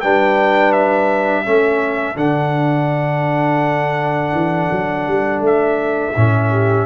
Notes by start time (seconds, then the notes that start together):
0.00 G3 D4 B4 G5
0.72 E5
1.43 A3 C#4 A4
2.15 D3 D4 F#5
4.32 E3
4.71 F#3
5.07 G3
5.40 A3 E5
6.16 A2 C#4
6.50 G4